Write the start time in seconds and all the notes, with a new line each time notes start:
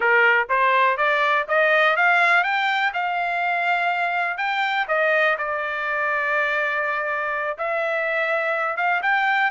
0.00 A#4
0.49 C5
0.97 D5
1.47 D#5
1.96 F5
2.43 G5
2.93 F5
4.37 G5
4.88 D#5
5.38 D5
7.57 E5
8.76 F5
9.02 G5